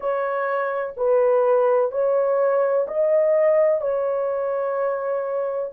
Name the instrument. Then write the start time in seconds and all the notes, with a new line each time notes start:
horn
0.00 C#5
0.97 B4
1.91 C#5
2.87 D#5
3.81 C#5